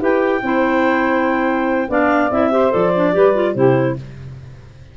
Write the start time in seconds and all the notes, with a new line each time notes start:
0.00 E4 G4 B4 G5
0.43 C4 E4 C5
1.89 B3 D4 D5 F5
2.31 C4 E4 E5
2.51 G4 C5
2.71 F3 A4 D5
2.96 D4
3.14 G3 G4 B4
3.35 F4
3.55 C3 E4 G4 C5